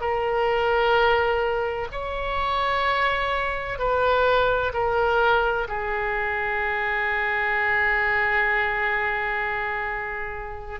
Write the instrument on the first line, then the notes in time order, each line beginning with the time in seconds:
oboe
0.00 A#4
1.91 C#5
3.78 B4
4.73 A#4
5.68 G#4